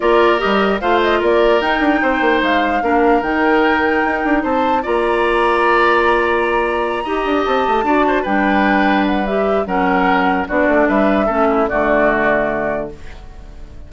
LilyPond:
<<
  \new Staff \with { instrumentName = "flute" } { \time 4/4 \tempo 4 = 149 d''4 dis''4 f''8 dis''8 d''4 | g''2 f''2 | g''2. a''4 | ais''1~ |
ais''2~ ais''8 a''4.~ | a''8 g''2 fis''8 e''4 | fis''2 d''4 e''4~ | e''4 d''2. | }
  \new Staff \with { instrumentName = "oboe" } { \time 4/4 ais'2 c''4 ais'4~ | ais'4 c''2 ais'4~ | ais'2. c''4 | d''1~ |
d''4. dis''2 d''8 | c''8 b'2.~ b'8 | ais'2 fis'4 b'4 | a'8 e'8 fis'2. | }
  \new Staff \with { instrumentName = "clarinet" } { \time 4/4 f'4 g'4 f'2 | dis'2. d'4 | dis'1 | f'1~ |
f'4. g'2 fis'8~ | fis'8 d'2~ d'8 g'4 | cis'2 d'2 | cis'4 a2. | }
  \new Staff \with { instrumentName = "bassoon" } { \time 4/4 ais4 g4 a4 ais4 | dis'8 d'8 c'8 ais8 gis4 ais4 | dis2 dis'8 d'8 c'4 | ais1~ |
ais4. dis'8 d'8 c'8 a8 d'8~ | d'8 g2.~ g8 | fis2 b8 a8 g4 | a4 d2. | }
>>